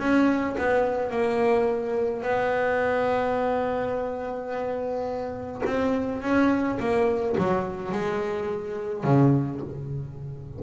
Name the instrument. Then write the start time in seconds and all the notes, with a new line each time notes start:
double bass
0.00 C#4
0.59 B3
1.11 A#3
2.23 B3
5.66 C4
6.23 C#4
6.80 A#3
7.38 F#3
7.92 G#3
9.05 C#3